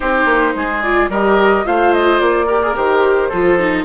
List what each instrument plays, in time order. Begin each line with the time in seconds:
0.00 bassoon C4, viola D#4, oboe G4, flute C5
0.25 bassoon A#3
0.55 bassoon G#3, oboe G#4
0.82 viola F4, flute D5
1.08 bassoon G3, viola G4, oboe A#4, flute D#5
1.64 bassoon A3, viola F4, oboe C5, flute F5
1.93 flute D#5
2.20 bassoon A#3, flute D5
2.46 viola G4, oboe A#4
2.62 viola G#4
2.74 bassoon D#3, viola G4, flute C5
3.29 bassoon F3, viola F4, oboe A4
3.58 viola D#4